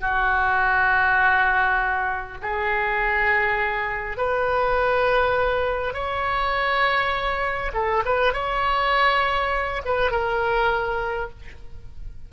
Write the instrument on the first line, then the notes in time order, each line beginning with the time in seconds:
oboe
0.00 F#4
2.42 G#4
4.17 B4
5.94 C#5
7.74 A4
8.05 B4
8.34 C#5
9.85 B4
10.11 A#4